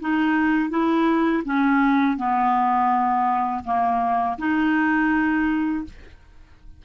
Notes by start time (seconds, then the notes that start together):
0.00 D#4
0.70 E4
1.45 C#4
2.17 B3
3.64 A#3
4.38 D#4